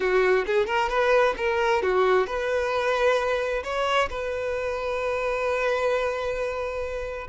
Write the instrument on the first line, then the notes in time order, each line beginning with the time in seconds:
violin
0.00 F#4
0.46 G#4
0.66 A#4
0.89 B4
1.37 A#4
1.82 F#4
2.26 B4
3.63 C#5
4.09 B4